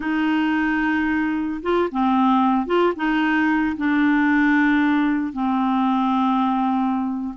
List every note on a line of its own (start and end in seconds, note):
0.00 1.61 D#4
1.62 1.89 F4
1.91 2.66 C4
2.66 2.93 F4
2.96 3.76 D#4
3.76 5.33 D4
5.33 7.33 C4